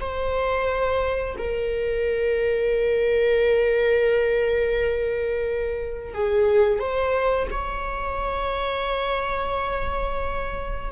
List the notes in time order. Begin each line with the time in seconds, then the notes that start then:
0.00 C5
1.38 A#4
6.15 G#4
6.80 C5
7.51 C#5